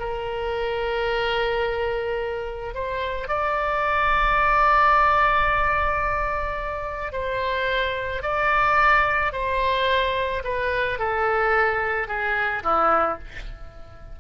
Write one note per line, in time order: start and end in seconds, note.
0.00 2.74 A#4
2.74 3.28 C5
3.28 7.13 D5
7.13 8.23 C5
8.23 9.33 D5
9.33 10.43 C5
10.44 10.99 B4
10.99 12.08 A4
12.08 12.63 G#4
12.64 13.19 E4